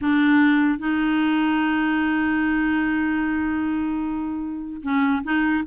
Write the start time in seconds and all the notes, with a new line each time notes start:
0.01 D4
0.78 D#4
4.82 C#4
5.23 D#4